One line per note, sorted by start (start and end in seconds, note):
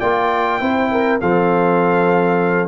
0.00 0.61 A#3
0.00 0.61 F4
0.00 0.59 D5
0.00 1.19 G5
0.61 1.20 C4
0.61 1.20 E4
0.61 0.90 C5
0.92 1.21 A#4
1.20 2.68 F3
1.20 2.68 C4
1.20 2.68 A4
1.20 2.68 F5